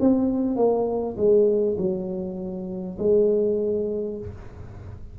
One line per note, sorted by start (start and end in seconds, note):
0.00 0.56 C4
0.56 1.16 A#3
1.17 1.77 G#3
1.78 2.98 F#3
2.98 4.18 G#3